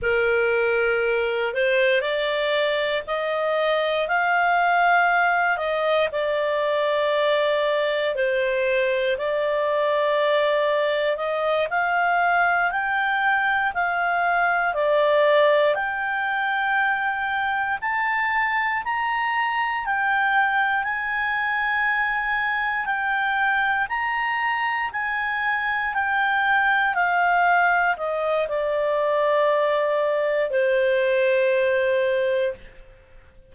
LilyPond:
\new Staff \with { instrumentName = "clarinet" } { \time 4/4 \tempo 4 = 59 ais'4. c''8 d''4 dis''4 | f''4. dis''8 d''2 | c''4 d''2 dis''8 f''8~ | f''8 g''4 f''4 d''4 g''8~ |
g''4. a''4 ais''4 g''8~ | g''8 gis''2 g''4 ais''8~ | ais''8 gis''4 g''4 f''4 dis''8 | d''2 c''2 | }